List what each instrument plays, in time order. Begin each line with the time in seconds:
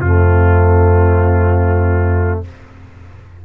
0.00 tuba F2, trombone A3, horn C4, trumpet F4